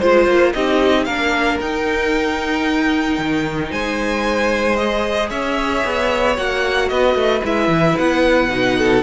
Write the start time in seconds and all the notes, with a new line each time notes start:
0.00 G#3 F4 C5
0.27 A#3
0.54 C4 D#4 G4 D#5
1.05 A#3 D4 A#4 F5
1.61 D#4 G5
3.18 D#3
3.72 G#3 C5 G#5
4.77 G#4 D#5
5.30 C#4 C#5 E5
5.85 B3
6.37 A#3 F#4 F#5
6.89 B3 B4 D#5
7.15 A3
7.44 G#3 E4 E5
7.69 E3
7.99 B3 F#5
8.50 B2 D#4
8.78 A4